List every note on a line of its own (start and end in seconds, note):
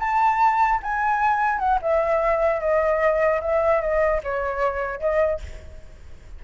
0.00 0.81 A5
0.83 1.59 G#5
1.59 1.79 F#5
1.82 2.60 E5
2.60 3.41 D#5
3.42 3.81 E5
3.81 4.22 D#5
4.24 5.00 C#5
5.00 5.40 D#5